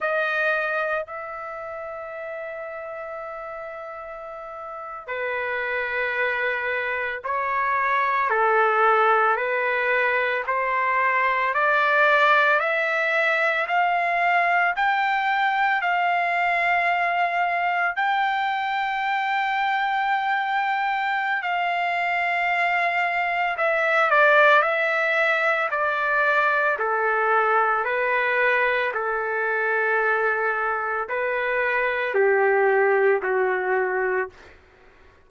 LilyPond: \new Staff \with { instrumentName = "trumpet" } { \time 4/4 \tempo 4 = 56 dis''4 e''2.~ | e''8. b'2 cis''4 a'16~ | a'8. b'4 c''4 d''4 e''16~ | e''8. f''4 g''4 f''4~ f''16~ |
f''8. g''2.~ g''16 | f''2 e''8 d''8 e''4 | d''4 a'4 b'4 a'4~ | a'4 b'4 g'4 fis'4 | }